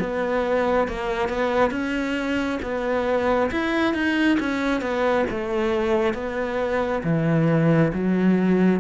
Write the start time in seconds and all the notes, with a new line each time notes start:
0.00 B3
0.88 A#3
1.29 B3
1.71 C#4
2.62 B3
3.51 E4
3.94 D#4
4.40 C#4
4.81 B3
5.31 A3
6.14 B3
7.04 E3
7.94 F#3